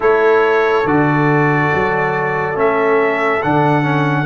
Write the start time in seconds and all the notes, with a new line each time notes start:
0.00 A3 E4 A4 C#5
0.84 D3 F#4 D5
1.74 F#3
2.54 A3 C#4 E5
3.42 D3 D4 F#5
3.82 C#4